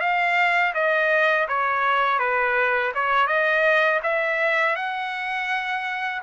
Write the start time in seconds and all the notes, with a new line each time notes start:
0.00 F5
0.74 D#5
1.48 C#5
2.19 B4
2.94 C#5
3.27 D#5
4.03 E5
4.75 F#5